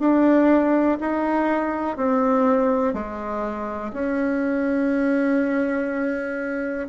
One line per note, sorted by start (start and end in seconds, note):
0.00 0.98 D4
1.01 1.97 D#4
1.97 2.94 C4
2.94 3.92 G#3
3.93 6.89 C#4